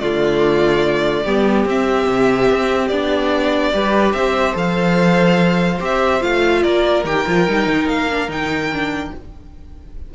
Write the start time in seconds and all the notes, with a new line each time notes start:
0.00 D3 A3 F4 D5
1.24 G3 B3 G4
1.66 C4 E5
2.09 C3
2.50 C4
2.88 B3 D4 D5
3.73 G3 G4 B4
4.13 C4 C5 E5
4.54 F3 A4 F5
5.81 C4 G4 E5
6.21 A3 F4 F5
6.63 A#3 A#4 D5
7.05 D#3 G4 G5
7.27 F3 F4
7.48 G3 D#4
7.67 D#3
7.89 A#3 F5
8.11 D4
8.29 D#3 D#4 G5
8.73 D4